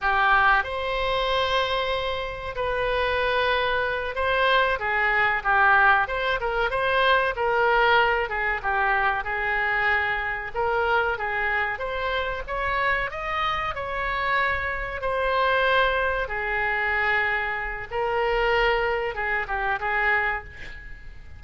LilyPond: \new Staff \with { instrumentName = "oboe" } { \time 4/4 \tempo 4 = 94 g'4 c''2. | b'2~ b'8 c''4 gis'8~ | gis'8 g'4 c''8 ais'8 c''4 ais'8~ | ais'4 gis'8 g'4 gis'4.~ |
gis'8 ais'4 gis'4 c''4 cis''8~ | cis''8 dis''4 cis''2 c''8~ | c''4. gis'2~ gis'8 | ais'2 gis'8 g'8 gis'4 | }